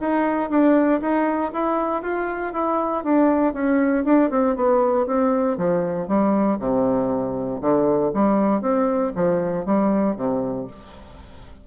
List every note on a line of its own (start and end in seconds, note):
0.00 0.50 D#4
0.50 1.01 D4
1.01 1.52 D#4
1.53 2.02 E4
2.02 2.53 F4
2.53 3.04 E4
3.04 3.53 D4
3.53 4.04 C#4
4.04 4.30 D4
4.30 4.56 C4
4.56 5.06 B3
5.07 5.57 C4
5.57 6.08 F3
6.08 6.59 G3
6.59 7.60 C3
7.61 8.12 D3
8.14 8.61 G3
8.61 9.12 C4
9.15 9.65 F3
9.65 10.16 G3
10.16 10.67 C3